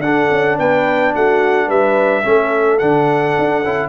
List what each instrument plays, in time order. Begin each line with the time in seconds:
0.00 tuba D4, trombone D4, horn A4, trumpet F#5
0.31 tuba C#4
0.59 tuba B3, horn B4, trumpet G5
1.15 tuba A3, horn F#4, trumpet F#5
1.67 tuba G3, horn B4, trumpet E5
2.24 tuba A3, trombone C#4, horn A4
2.79 tuba D3, trombone D4, trumpet F#5
3.39 tuba D4
3.64 tuba C#4, trombone E4